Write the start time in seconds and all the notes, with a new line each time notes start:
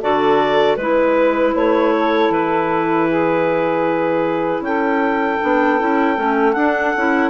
0.00 D3 F#4 A4 D5
0.76 G#3 E4 B4
1.55 A3 C#5
1.95 A4
2.30 E3 B4
3.08 G#4
4.60 C#4 A4 G5
5.41 B3 D4
5.79 C#4 E4
6.15 A3 C#4
6.53 D4 F#5
6.96 C#4 E4